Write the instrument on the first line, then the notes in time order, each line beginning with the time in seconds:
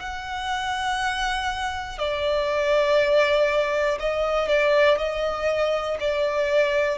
violin
0.00 F#5
1.99 D5
4.00 D#5
4.48 D5
4.98 D#5
6.00 D5